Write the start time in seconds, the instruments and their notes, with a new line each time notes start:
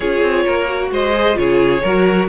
0.00 cello C#4, viola F4, violin G#4 C#5
0.21 cello C4
0.45 cello A#3, violin A#4
0.67 viola F#4
0.90 cello G#3, violin C5 D#5
1.12 viola G#4
1.34 cello C#3, viola F4, violin G#4 C#5
1.82 cello F#3, viola F#4, violin A#4